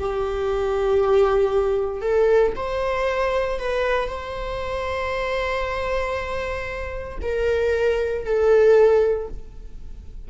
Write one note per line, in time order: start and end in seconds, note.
0.00 2.02 G4
2.02 2.53 A4
2.56 3.59 C5
3.59 4.09 B4
4.09 7.19 C5
7.22 8.25 A#4
8.25 9.29 A4